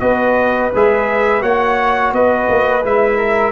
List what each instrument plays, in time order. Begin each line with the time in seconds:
0.00 tuba B3, trombone F#4, flute B4, trumpet D#5
0.74 tuba G#3, trombone G#4, trumpet E5
1.41 tuba A#3, trombone F#4, flute C#5, trumpet F#5
2.12 tuba B3, flute B4, trumpet D#5
2.49 tuba A#3
2.84 tuba G#3, trombone E4, trumpet E5
3.17 flute A#4